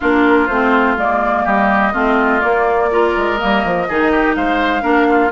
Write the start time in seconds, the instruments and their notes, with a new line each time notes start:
0.00 bassoon A#3, clarinet D4, oboe F4, flute A#4
0.46 bassoon A3, clarinet C4, flute C5
0.97 bassoon G#3, clarinet A#3, flute D5
1.44 bassoon G3, oboe G4, flute D#5
1.92 bassoon A3, clarinet C4, oboe F4
2.40 clarinet A#3, bassoon A#3, flute D5
2.90 clarinet F4, oboe A#4
3.17 bassoon G#3
3.37 bassoon G3, clarinet A#3, flute D#5
3.64 bassoon F3
3.88 bassoon D#3, clarinet D#4, oboe G#4
4.11 oboe G4
4.35 bassoon G#3, oboe C5, flute F5
4.81 bassoon A#3, clarinet D4, oboe A#4
5.08 oboe F4